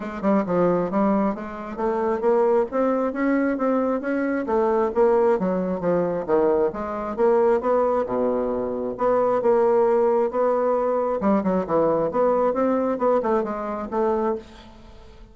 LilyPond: \new Staff \with { instrumentName = "bassoon" } { \time 4/4 \tempo 4 = 134 gis8 g8 f4 g4 gis4 | a4 ais4 c'4 cis'4 | c'4 cis'4 a4 ais4 | fis4 f4 dis4 gis4 |
ais4 b4 b,2 | b4 ais2 b4~ | b4 g8 fis8 e4 b4 | c'4 b8 a8 gis4 a4 | }